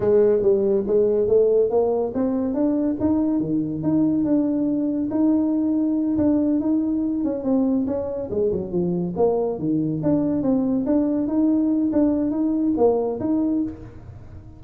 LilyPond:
\new Staff \with { instrumentName = "tuba" } { \time 4/4 \tempo 4 = 141 gis4 g4 gis4 a4 | ais4 c'4 d'4 dis'4 | dis4 dis'4 d'2 | dis'2~ dis'8 d'4 dis'8~ |
dis'4 cis'8 c'4 cis'4 gis8 | fis8 f4 ais4 dis4 d'8~ | d'8 c'4 d'4 dis'4. | d'4 dis'4 ais4 dis'4 | }